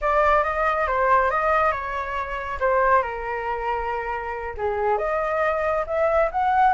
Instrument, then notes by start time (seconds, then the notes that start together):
flute
0.01 D5
0.43 D#5
0.87 C5
1.30 D#5
1.71 C#5
2.60 C5
3.02 A#4
4.57 G#4
4.97 D#5
5.86 E5
6.31 F#5